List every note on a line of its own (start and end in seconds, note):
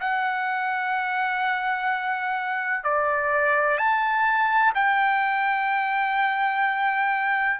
0.00 2.83 F#5
2.83 3.77 D5
3.77 4.73 A5
4.74 7.60 G5